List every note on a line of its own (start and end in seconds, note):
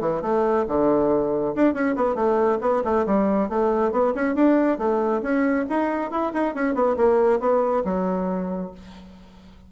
0.00 0.22 E3
0.22 0.65 A3
0.68 1.55 D3
1.55 1.74 D4
1.74 1.95 C#4
1.95 2.15 B3
2.15 2.58 A3
2.61 2.83 B3
2.84 3.06 A3
3.06 3.49 G3
3.49 3.92 A3
3.92 4.13 B3
4.15 4.35 C#4
4.35 4.78 D4
4.78 5.21 A3
5.22 5.65 C#4
5.69 6.11 D#4
6.11 6.32 E4
6.33 6.55 D#4
6.55 6.75 C#4
6.75 6.96 B3
6.97 7.40 A#3
7.40 7.83 B3
7.84 8.71 F#3